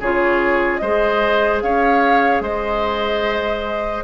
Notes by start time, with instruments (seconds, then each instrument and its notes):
0.00 bassoon C#3, clarinet F4, oboe G#4, flute C#5
0.77 bassoon G#3, clarinet G#4, oboe C5, flute D#5
1.62 bassoon C#4, oboe C#5, flute F5
2.40 bassoon G#3, oboe C5, flute D#5